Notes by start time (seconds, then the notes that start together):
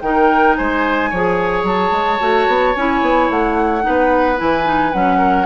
0.00 D#3 D#4 A#4 G5
0.55 G#3 C5 G#5
1.10 F3 G#4 C#5
1.63 F#3 A5
1.91 G#3
2.19 A3 F#4
2.47 B3
2.75 C#4 E4 G#5
3.01 B3
3.30 A3 F#5
3.81 D#4 B4
3.87 B3
4.36 E3 E4 G#5
4.64 D#4
4.92 F#3 C#4 F#5
5.18 A#4